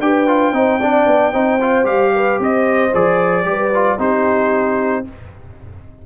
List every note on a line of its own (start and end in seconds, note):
0.00 0.53 D4
0.00 0.28 G4
0.00 0.55 B4
0.00 1.86 G5
0.28 0.54 F4
0.53 1.06 C4
0.53 0.80 D#4
0.53 0.80 C5
0.80 1.33 D4
0.80 1.33 D5
1.07 1.33 B3
1.33 1.85 C4
1.33 1.60 D#4
1.33 2.13 C5
1.61 1.85 F4
1.85 2.38 G3
1.85 2.91 G4
1.85 2.39 F5
2.15 2.41 B4
2.40 2.93 C4
2.40 3.47 C5
2.40 2.95 D#5
2.94 3.45 F3
2.94 3.44 G#4
2.94 4.00 D5
3.44 3.98 G3
3.44 3.71 G4
3.44 3.99 B4
3.75 3.98 F4
3.98 5.05 C4
3.98 5.05 D#4
3.98 5.05 G4
3.98 5.06 C5